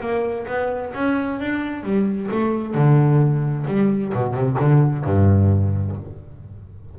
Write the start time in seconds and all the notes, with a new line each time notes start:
0.00 A#3
0.47 B3
0.94 C#4
1.40 D4
1.83 G3
2.31 A3
2.74 D3
3.67 G3
4.14 B2
4.34 C3
4.59 D3
5.04 G2